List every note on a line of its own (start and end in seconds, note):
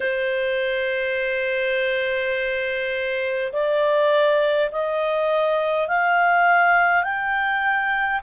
0.00 3.52 C5
3.52 4.70 D5
4.71 5.88 D#5
5.88 7.03 F5
7.03 8.20 G5